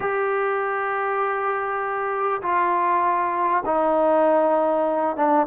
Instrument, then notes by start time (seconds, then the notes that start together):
trombone
0.00 G4
2.42 F4
3.65 D#4
5.16 D4